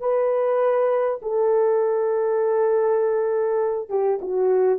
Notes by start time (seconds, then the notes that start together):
0.00 B4
1.22 A4
3.89 G4
4.22 F#4